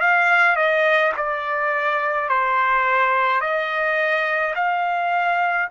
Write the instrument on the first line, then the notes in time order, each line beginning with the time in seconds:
trumpet
0.00 F5
0.56 D#5
1.17 D5
2.28 C5
3.41 D#5
4.55 F5